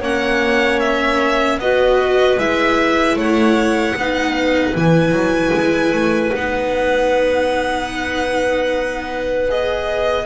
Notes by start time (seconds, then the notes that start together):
0.00 A#3 C#4 C#5 F#5
0.79 E5
1.58 B3 F#4 B4 D#5
2.38 G#3 E4 E5
3.15 A3 C#5 F#5
3.95 B3 D#4 B4
4.75 E3 E4 G#5
5.11 F#3
5.53 G#3
5.92 A3
6.33 B3 D#4 F#5
9.48 G#4 D#5